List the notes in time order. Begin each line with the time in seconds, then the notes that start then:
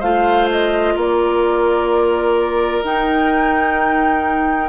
0.00 A3 F4 C5 F5
0.51 D#5
0.96 A#3 A#4 D5
2.84 D#4 G5